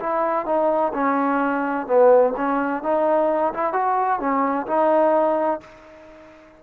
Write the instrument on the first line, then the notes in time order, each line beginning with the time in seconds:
trombone
0.00 E4
0.46 D#4
0.94 C#4
1.87 B3
2.37 C#4
2.83 D#4
3.54 E4
3.73 F#4
4.20 C#4
4.67 D#4